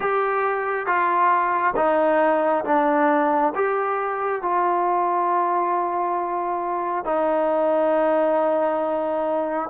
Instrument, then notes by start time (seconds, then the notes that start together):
trombone
0.00 G4
0.86 F4
1.76 D#4
2.65 D4
3.55 G4
4.42 F4
7.05 D#4